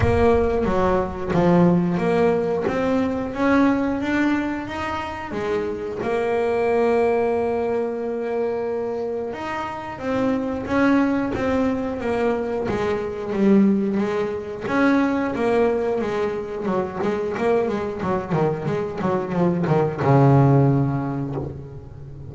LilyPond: \new Staff \with { instrumentName = "double bass" } { \time 4/4 \tempo 4 = 90 ais4 fis4 f4 ais4 | c'4 cis'4 d'4 dis'4 | gis4 ais2.~ | ais2 dis'4 c'4 |
cis'4 c'4 ais4 gis4 | g4 gis4 cis'4 ais4 | gis4 fis8 gis8 ais8 gis8 fis8 dis8 | gis8 fis8 f8 dis8 cis2 | }